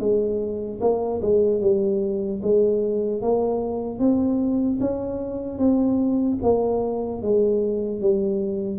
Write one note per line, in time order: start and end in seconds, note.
0.00 0.80 G#3
0.81 1.21 A#3
1.22 1.61 G#3
1.61 2.41 G3
2.43 3.22 G#3
3.22 3.99 A#3
3.99 4.79 C4
4.81 5.59 C#4
5.59 6.39 C4
6.43 7.23 A#3
7.23 8.01 G#3
8.01 8.80 G3